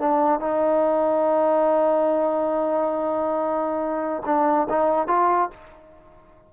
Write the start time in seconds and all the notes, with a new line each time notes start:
0.00 D4
0.40 D#4
4.26 D4
4.70 D#4
5.08 F4